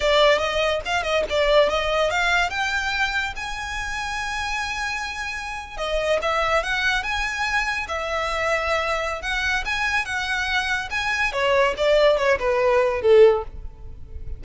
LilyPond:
\new Staff \with { instrumentName = "violin" } { \time 4/4 \tempo 4 = 143 d''4 dis''4 f''8 dis''8 d''4 | dis''4 f''4 g''2 | gis''1~ | gis''4.~ gis''16 dis''4 e''4 fis''16~ |
fis''8. gis''2 e''4~ e''16~ | e''2 fis''4 gis''4 | fis''2 gis''4 cis''4 | d''4 cis''8 b'4. a'4 | }